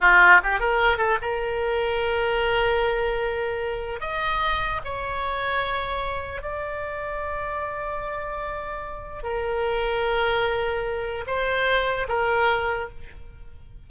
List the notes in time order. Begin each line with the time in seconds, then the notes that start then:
0.01 F4
0.43 G4
0.59 A#4
0.97 A4
1.21 A#4
4.00 D#5
4.84 C#5
6.42 D5
9.23 A#4
11.26 C5
12.08 A#4